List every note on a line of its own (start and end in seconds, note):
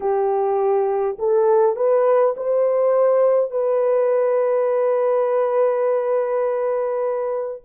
0.00 1.17 G4
1.18 1.76 A4
1.76 2.35 B4
2.36 3.50 C5
3.50 7.62 B4